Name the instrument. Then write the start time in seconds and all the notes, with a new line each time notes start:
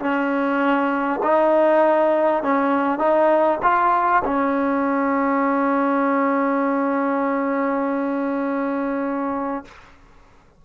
trombone
0.00 C#4
1.23 D#4
2.43 C#4
2.99 D#4
3.63 F4
4.25 C#4